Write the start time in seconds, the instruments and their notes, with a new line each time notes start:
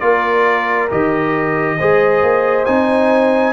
0.00 tuba A#3, trombone F4, horn A#4, trumpet D5
0.90 tuba D#3, trombone G4, trumpet D#5
1.78 tuba G#3, trombone G#4, horn C5
2.22 tuba A#3
2.66 tuba C4, trombone D#4, trumpet G#5